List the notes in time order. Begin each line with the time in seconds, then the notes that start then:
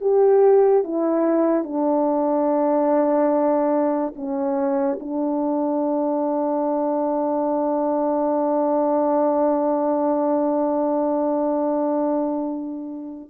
0.00 G4
0.83 E4
1.63 D4
4.16 C#4
5.00 D4